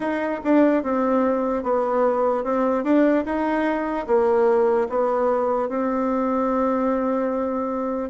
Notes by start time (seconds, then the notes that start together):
0.00 D#4
0.44 D4
0.83 C4
1.63 B3
2.44 C4
2.84 D4
3.25 D#4
4.06 A#3
4.89 B3
5.69 C4